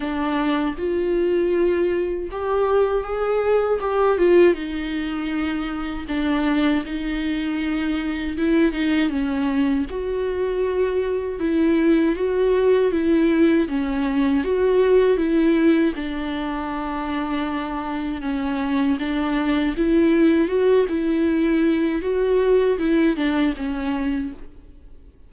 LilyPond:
\new Staff \with { instrumentName = "viola" } { \time 4/4 \tempo 4 = 79 d'4 f'2 g'4 | gis'4 g'8 f'8 dis'2 | d'4 dis'2 e'8 dis'8 | cis'4 fis'2 e'4 |
fis'4 e'4 cis'4 fis'4 | e'4 d'2. | cis'4 d'4 e'4 fis'8 e'8~ | e'4 fis'4 e'8 d'8 cis'4 | }